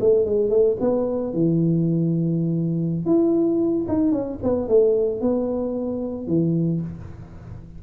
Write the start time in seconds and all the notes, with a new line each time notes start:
0.00 A3
0.25 G#3
0.49 A3
0.80 B3
1.33 E3
3.06 E4
3.88 D#4
4.12 C#4
4.43 B3
4.68 A3
5.21 B3
6.27 E3